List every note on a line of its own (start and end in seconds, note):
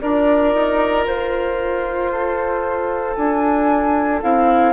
0.00 0.54 D4
0.00 4.21 F4
0.00 2.11 A#4
0.00 1.05 D5
0.54 1.05 D#4
1.05 3.15 F4
1.05 3.15 C5
2.11 4.73 A4
3.15 4.22 D4
3.15 4.20 G#5
4.21 4.73 C4
4.21 4.73 E4
4.21 4.73 F5